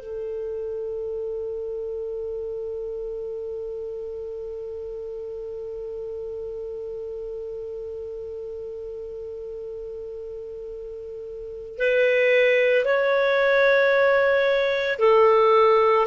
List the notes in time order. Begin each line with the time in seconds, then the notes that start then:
0.00 A4
11.78 B4
12.85 C#5
15.00 A4